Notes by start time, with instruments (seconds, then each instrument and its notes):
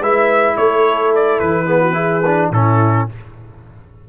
0.00 tuba G#3, trombone E4, horn B4, trumpet E5
0.57 tuba A3, horn A4, trumpet C#5
1.15 trumpet D5
1.40 tuba E3, trumpet B4
1.66 trombone B3, horn G#4
1.82 horn F#4
1.93 trombone E4, horn G#4
2.26 trombone D4
2.51 tuba A2, trombone C#4, horn E4, trumpet A4